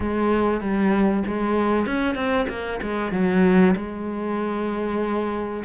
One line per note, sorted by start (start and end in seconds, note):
0.00 0.61 G#3
0.61 1.23 G3
1.26 1.86 G#3
1.86 2.15 C#4
2.15 2.46 C4
2.48 2.80 A#3
2.82 3.12 G#3
3.12 3.74 F#3
3.76 5.63 G#3